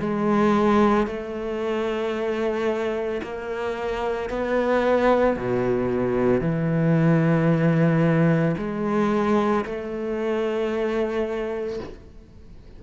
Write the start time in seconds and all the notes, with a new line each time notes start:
0.00 G#3
1.07 A3
3.23 A#3
4.30 B3
5.37 B2
6.41 E3
8.58 G#3
9.65 A3